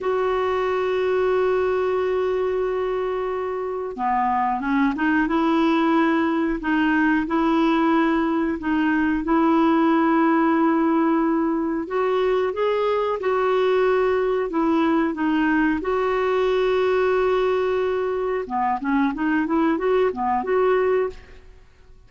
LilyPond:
\new Staff \with { instrumentName = "clarinet" } { \time 4/4 \tempo 4 = 91 fis'1~ | fis'2 b4 cis'8 dis'8 | e'2 dis'4 e'4~ | e'4 dis'4 e'2~ |
e'2 fis'4 gis'4 | fis'2 e'4 dis'4 | fis'1 | b8 cis'8 dis'8 e'8 fis'8 b8 fis'4 | }